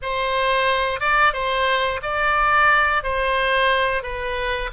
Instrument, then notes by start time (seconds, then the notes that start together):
oboe
0.02 C5
1.00 D5
1.33 C5
2.02 D5
3.03 C5
4.02 B4